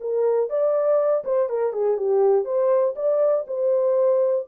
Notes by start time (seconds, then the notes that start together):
0.00 A#4
0.49 D5
1.24 C5
1.49 A#4
1.73 G#4
1.97 G4
2.45 C5
2.95 D5
3.47 C5